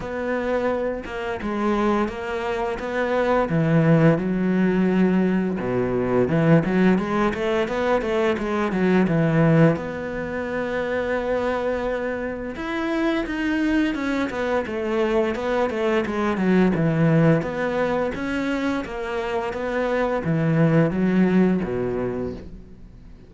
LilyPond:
\new Staff \with { instrumentName = "cello" } { \time 4/4 \tempo 4 = 86 b4. ais8 gis4 ais4 | b4 e4 fis2 | b,4 e8 fis8 gis8 a8 b8 a8 | gis8 fis8 e4 b2~ |
b2 e'4 dis'4 | cis'8 b8 a4 b8 a8 gis8 fis8 | e4 b4 cis'4 ais4 | b4 e4 fis4 b,4 | }